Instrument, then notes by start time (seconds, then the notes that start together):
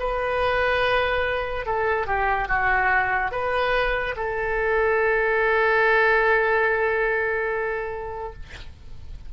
oboe
0.00 B4
1.66 A4
2.07 G4
2.49 F#4
3.32 B4
4.17 A4